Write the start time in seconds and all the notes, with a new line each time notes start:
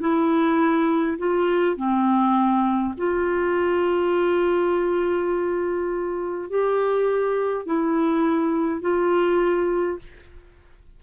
0.00 E4
1.18 F4
1.76 C4
2.97 F4
6.50 G4
7.66 E4
8.81 F4